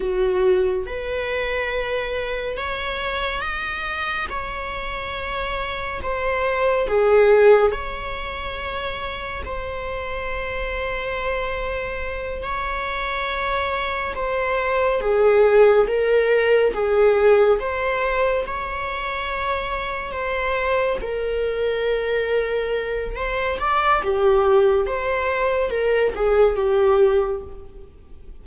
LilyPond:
\new Staff \with { instrumentName = "viola" } { \time 4/4 \tempo 4 = 70 fis'4 b'2 cis''4 | dis''4 cis''2 c''4 | gis'4 cis''2 c''4~ | c''2~ c''8 cis''4.~ |
cis''8 c''4 gis'4 ais'4 gis'8~ | gis'8 c''4 cis''2 c''8~ | c''8 ais'2~ ais'8 c''8 d''8 | g'4 c''4 ais'8 gis'8 g'4 | }